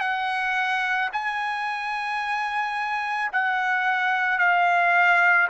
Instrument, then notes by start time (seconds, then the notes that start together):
trumpet
0.00 F#5
1.13 G#5
3.32 F#5
4.38 F5